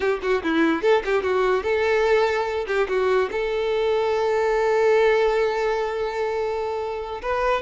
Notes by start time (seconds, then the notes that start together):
0.00 G4
0.22 F#4
0.43 E4
0.82 A4
1.05 G4
1.23 F#4
1.63 A4
2.67 G4
2.88 F#4
3.31 A4
7.22 B4